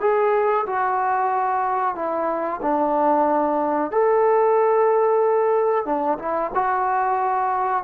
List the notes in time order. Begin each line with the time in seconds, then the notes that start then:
0.00 G#4
0.66 F#4
1.95 E4
2.61 D4
3.91 A4
5.85 D4
6.18 E4
6.54 F#4